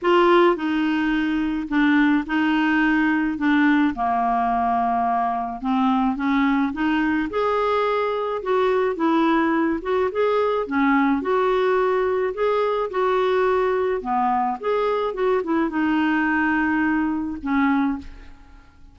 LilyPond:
\new Staff \with { instrumentName = "clarinet" } { \time 4/4 \tempo 4 = 107 f'4 dis'2 d'4 | dis'2 d'4 ais4~ | ais2 c'4 cis'4 | dis'4 gis'2 fis'4 |
e'4. fis'8 gis'4 cis'4 | fis'2 gis'4 fis'4~ | fis'4 b4 gis'4 fis'8 e'8 | dis'2. cis'4 | }